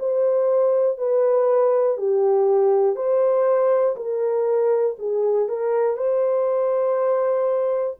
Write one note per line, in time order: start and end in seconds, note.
0.00 0.98 C5
0.98 1.98 B4
1.98 2.96 G4
2.96 3.96 C5
3.97 4.97 A#4
4.99 5.49 G#4
5.49 5.97 A#4
5.97 7.97 C5